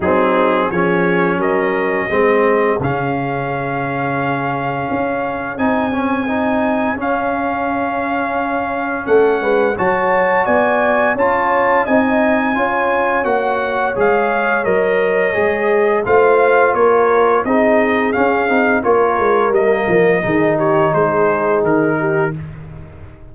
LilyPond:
<<
  \new Staff \with { instrumentName = "trumpet" } { \time 4/4 \tempo 4 = 86 gis'4 cis''4 dis''2 | f''1 | gis''2 f''2~ | f''4 fis''4 a''4 gis''4 |
a''4 gis''2 fis''4 | f''4 dis''2 f''4 | cis''4 dis''4 f''4 cis''4 | dis''4. cis''8 c''4 ais'4 | }
  \new Staff \with { instrumentName = "horn" } { \time 4/4 dis'4 gis'4 ais'4 gis'4~ | gis'1~ | gis'1~ | gis'4 a'8 b'8 cis''4 d''4 |
cis''4 dis''4 cis''2~ | cis''2. c''4 | ais'4 gis'2 ais'4~ | ais'4 gis'8 g'8 gis'4. g'8 | }
  \new Staff \with { instrumentName = "trombone" } { \time 4/4 c'4 cis'2 c'4 | cis'1 | dis'8 cis'8 dis'4 cis'2~ | cis'2 fis'2 |
f'4 dis'4 f'4 fis'4 | gis'4 ais'4 gis'4 f'4~ | f'4 dis'4 cis'8 dis'8 f'4 | ais4 dis'2. | }
  \new Staff \with { instrumentName = "tuba" } { \time 4/4 fis4 f4 fis4 gis4 | cis2. cis'4 | c'2 cis'2~ | cis'4 a8 gis8 fis4 b4 |
cis'4 c'4 cis'4 ais4 | gis4 fis4 gis4 a4 | ais4 c'4 cis'8 c'8 ais8 gis8 | g8 f8 dis4 gis4 dis4 | }
>>